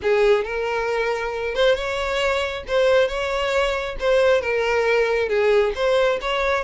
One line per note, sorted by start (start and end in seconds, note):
0.02 0.44 G#4
0.44 1.54 A#4
1.54 1.75 C5
1.75 2.63 C#5
2.67 3.07 C5
3.07 3.96 C#5
3.99 4.41 C5
4.41 5.28 A#4
5.28 5.72 G#4
5.75 6.19 C5
6.21 6.64 C#5